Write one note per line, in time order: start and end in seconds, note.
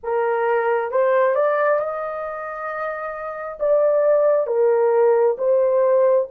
0.03 0.91 A#4
0.91 1.35 C5
1.35 1.79 D5
1.79 3.58 D#5
3.59 4.46 D5
4.46 5.36 A#4
5.38 6.27 C5